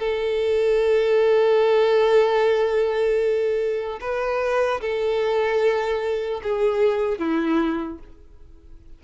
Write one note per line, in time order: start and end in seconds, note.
0.00 4.00 A4
4.01 4.81 B4
4.81 6.41 A4
6.43 7.19 G#4
7.19 7.99 E4